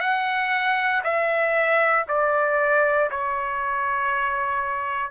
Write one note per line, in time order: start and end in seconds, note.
0.00 1.02 F#5
1.04 2.05 E5
2.08 3.10 D5
3.10 5.11 C#5